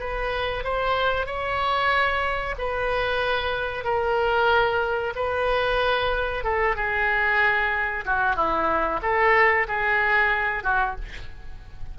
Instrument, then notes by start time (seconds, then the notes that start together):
oboe
0.00 B4
0.64 C5
1.26 C#5
2.58 B4
3.84 A#4
5.16 B4
6.44 A4
6.76 G#4
8.06 F#4
8.36 E4
9.02 A4
9.68 G#4
10.63 F#4